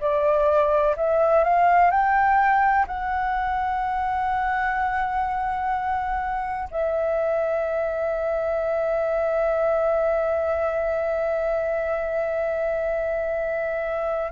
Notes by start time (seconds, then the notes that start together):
0.00 D5
0.96 E5
1.44 F5
1.90 G5
2.87 F#5
6.71 E5